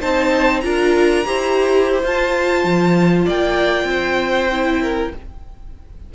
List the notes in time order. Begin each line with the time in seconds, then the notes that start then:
0.00 C4 D#4 C5 A5
0.60 D4 F4 A#4 A#5
1.25 E4 G4 C5
2.03 F4 A5
2.64 F3
3.25 A#3 D5 G5
3.84 C4 C5
4.51 E4
4.82 A#4